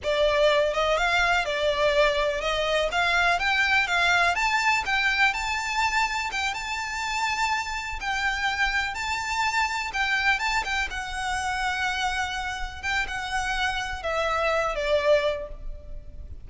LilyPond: \new Staff \with { instrumentName = "violin" } { \time 4/4 \tempo 4 = 124 d''4. dis''8 f''4 d''4~ | d''4 dis''4 f''4 g''4 | f''4 a''4 g''4 a''4~ | a''4 g''8 a''2~ a''8~ |
a''8 g''2 a''4.~ | a''8 g''4 a''8 g''8 fis''4.~ | fis''2~ fis''8 g''8 fis''4~ | fis''4 e''4. d''4. | }